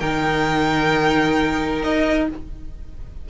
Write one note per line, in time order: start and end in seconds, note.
0.00 1.83 D#3
0.00 2.29 D#4
0.00 2.28 A#4
0.00 1.82 G5
1.83 2.28 D#4
1.83 2.28 D#5